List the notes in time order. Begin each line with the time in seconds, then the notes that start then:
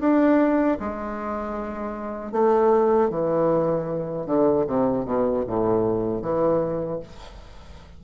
0.00 D4
0.80 G#3
2.32 A3
3.10 E3
4.26 D3
4.67 C3
5.05 B2
5.47 A2
6.22 E3